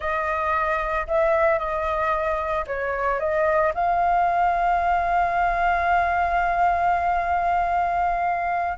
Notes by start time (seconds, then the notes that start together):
0.00 D#5
1.07 E5
1.59 D#5
2.67 C#5
3.19 D#5
3.74 F5